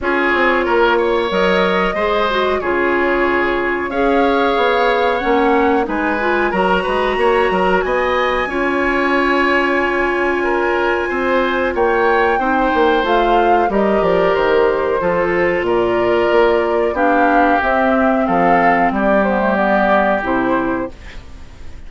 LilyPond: <<
  \new Staff \with { instrumentName = "flute" } { \time 4/4 \tempo 4 = 92 cis''2 dis''2 | cis''2 f''2 | fis''4 gis''4 ais''2 | gis''1~ |
gis''2 g''2 | f''4 dis''8 d''8 c''2 | d''2 f''4 e''4 | f''4 d''8 c''8 d''4 c''4 | }
  \new Staff \with { instrumentName = "oboe" } { \time 4/4 gis'4 ais'8 cis''4. c''4 | gis'2 cis''2~ | cis''4 b'4 ais'8 b'8 cis''8 ais'8 | dis''4 cis''2. |
ais'4 c''4 cis''4 c''4~ | c''4 ais'2 a'4 | ais'2 g'2 | a'4 g'2. | }
  \new Staff \with { instrumentName = "clarinet" } { \time 4/4 f'2 ais'4 gis'8 fis'8 | f'2 gis'2 | cis'4 dis'8 f'8 fis'2~ | fis'4 f'2.~ |
f'2. dis'4 | f'4 g'2 f'4~ | f'2 d'4 c'4~ | c'4. b16 a16 b4 e'4 | }
  \new Staff \with { instrumentName = "bassoon" } { \time 4/4 cis'8 c'8 ais4 fis4 gis4 | cis2 cis'4 b4 | ais4 gis4 fis8 gis8 ais8 fis8 | b4 cis'2.~ |
cis'4 c'4 ais4 c'8 ais8 | a4 g8 f8 dis4 f4 | ais,4 ais4 b4 c'4 | f4 g2 c4 | }
>>